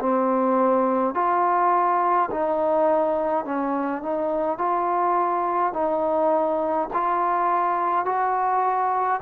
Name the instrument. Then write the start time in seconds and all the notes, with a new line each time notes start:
trombone
0.00 C4
1.15 F4
2.31 D#4
3.45 C#4
4.03 D#4
4.58 F4
5.74 D#4
6.94 F4
8.06 F#4